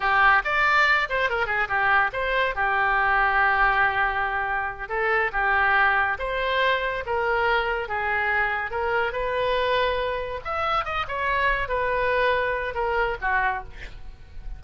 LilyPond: \new Staff \with { instrumentName = "oboe" } { \time 4/4 \tempo 4 = 141 g'4 d''4. c''8 ais'8 gis'8 | g'4 c''4 g'2~ | g'2.~ g'8 a'8~ | a'8 g'2 c''4.~ |
c''8 ais'2 gis'4.~ | gis'8 ais'4 b'2~ b'8~ | b'8 e''4 dis''8 cis''4. b'8~ | b'2 ais'4 fis'4 | }